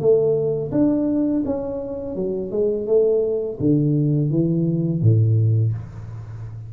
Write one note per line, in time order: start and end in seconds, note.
0.00 0.71 A3
0.72 1.43 D4
1.46 2.16 C#4
2.16 2.51 F#3
2.51 2.87 G#3
2.87 3.58 A3
3.60 4.31 D3
4.31 5.02 E3
5.02 5.73 A2